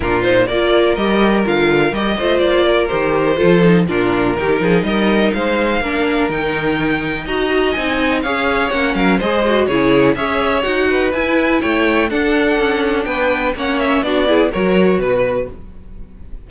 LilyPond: <<
  \new Staff \with { instrumentName = "violin" } { \time 4/4 \tempo 4 = 124 ais'8 c''8 d''4 dis''4 f''4 | dis''4 d''4 c''2 | ais'2 dis''4 f''4~ | f''4 g''2 ais''4 |
gis''4 f''4 fis''8 f''8 dis''4 | cis''4 e''4 fis''4 gis''4 | g''4 fis''2 g''4 | fis''8 e''8 d''4 cis''4 b'4 | }
  \new Staff \with { instrumentName = "violin" } { \time 4/4 f'4 ais'2.~ | ais'8 c''4 ais'4. a'4 | f'4 g'8 gis'8 ais'4 c''4 | ais'2. dis''4~ |
dis''4 cis''4. ais'8 c''4 | gis'4 cis''4. b'4. | cis''4 a'2 b'4 | cis''4 fis'8 gis'8 ais'4 b'4 | }
  \new Staff \with { instrumentName = "viola" } { \time 4/4 d'8 dis'8 f'4 g'4 f'4 | g'8 f'4. g'4 f'8 dis'8 | d'4 dis'2. | d'4 dis'2 fis'4 |
dis'4 gis'4 cis'4 gis'8 fis'8 | e'4 gis'4 fis'4 e'4~ | e'4 d'2. | cis'4 d'8 e'8 fis'2 | }
  \new Staff \with { instrumentName = "cello" } { \time 4/4 ais,4 ais4 g4 d4 | g8 a8 ais4 dis4 f4 | ais,4 dis8 f8 g4 gis4 | ais4 dis2 dis'4 |
c'4 cis'4 ais8 fis8 gis4 | cis4 cis'4 dis'4 e'4 | a4 d'4 cis'4 b4 | ais4 b4 fis4 b,4 | }
>>